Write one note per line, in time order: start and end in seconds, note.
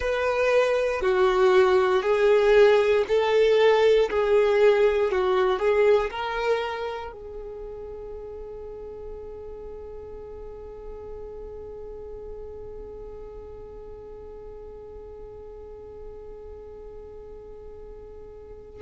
0.00 1.01 B4
1.01 2.02 F#4
2.02 3.04 G#4
3.07 4.09 A4
4.10 5.11 G#4
5.11 5.59 F#4
5.59 6.10 G#4
6.10 7.12 A#4
7.12 18.81 G#4